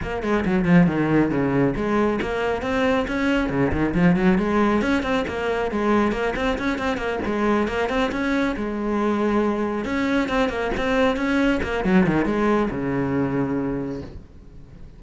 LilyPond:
\new Staff \with { instrumentName = "cello" } { \time 4/4 \tempo 4 = 137 ais8 gis8 fis8 f8 dis4 cis4 | gis4 ais4 c'4 cis'4 | cis8 dis8 f8 fis8 gis4 cis'8 c'8 | ais4 gis4 ais8 c'8 cis'8 c'8 |
ais8 gis4 ais8 c'8 cis'4 gis8~ | gis2~ gis8 cis'4 c'8 | ais8 c'4 cis'4 ais8 fis8 dis8 | gis4 cis2. | }